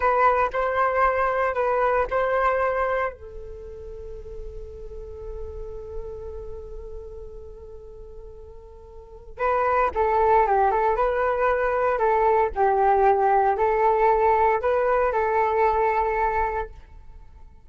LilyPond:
\new Staff \with { instrumentName = "flute" } { \time 4/4 \tempo 4 = 115 b'4 c''2 b'4 | c''2 a'2~ | a'1~ | a'1~ |
a'2 b'4 a'4 | g'8 a'8 b'2 a'4 | g'2 a'2 | b'4 a'2. | }